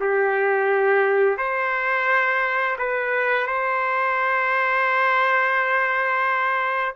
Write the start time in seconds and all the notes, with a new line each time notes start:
0.00 G4
1.37 C5
2.78 B4
3.47 C5